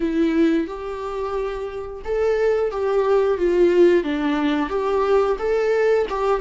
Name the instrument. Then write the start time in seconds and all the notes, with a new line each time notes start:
viola
0.00 E4
0.67 G4
2.04 A4
2.71 G4
3.37 F4
4.03 D4
4.69 G4
5.38 A4
6.09 G4